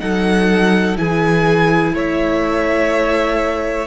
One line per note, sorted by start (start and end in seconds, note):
0.00 0.98 F#3
0.00 0.96 D#4
0.00 0.99 A4
0.00 0.97 F#5
0.96 1.94 E3
0.96 3.87 E4
0.96 1.95 G#4
0.96 1.95 G#5
1.94 3.87 A3
1.94 3.87 C#5
1.94 3.87 E5